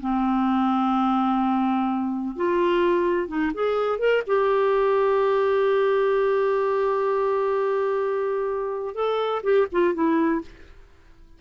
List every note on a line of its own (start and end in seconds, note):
0.00 2.36 C4
2.36 3.28 F4
3.28 3.52 D#4
3.54 3.99 G#4
3.99 4.22 A#4
4.26 8.94 G4
8.94 9.42 A4
9.43 9.67 G4
9.72 9.94 F4
9.94 10.41 E4